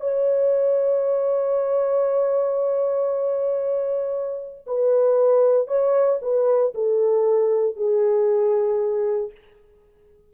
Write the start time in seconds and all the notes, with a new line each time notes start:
0.00 C#5
4.66 B4
5.67 C#5
6.21 B4
6.74 A4
7.76 G#4